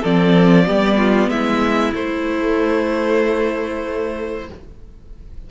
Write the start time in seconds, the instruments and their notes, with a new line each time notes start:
0.00 cello F3, viola C4, violin A4 D5
0.66 cello G3, viola B3, violin G4
0.97 violin F4
1.28 cello G#3, violin E4 E5
1.93 cello A3, viola A3, violin C5